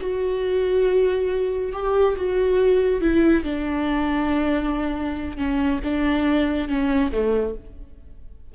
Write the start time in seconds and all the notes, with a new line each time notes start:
0.00 F#4
1.73 G4
2.16 F#4
3.01 E4
3.44 D4
5.37 C#4
5.84 D4
6.68 C#4
7.11 A3